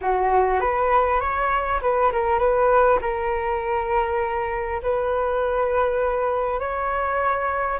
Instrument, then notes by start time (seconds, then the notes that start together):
flute
0.01 F#4
0.60 B4
1.20 C#5
1.81 B4
2.12 A#4
2.38 B4
3.01 A#4
4.82 B4
6.59 C#5